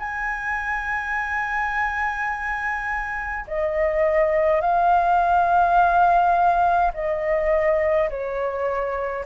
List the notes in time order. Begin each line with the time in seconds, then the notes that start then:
0.00 G#5
3.48 D#5
4.62 F5
6.94 D#5
8.10 C#5